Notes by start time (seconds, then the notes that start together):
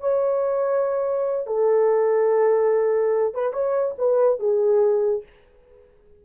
0.00 C#5
1.46 A4
3.34 B4
3.53 C#5
3.98 B4
4.39 G#4